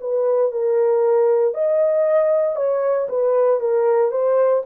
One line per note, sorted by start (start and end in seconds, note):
0.00 0.52 B4
0.52 1.54 A#4
1.54 2.55 D#5
2.55 3.07 C#5
3.08 3.60 B4
3.60 4.11 A#4
4.11 4.63 C5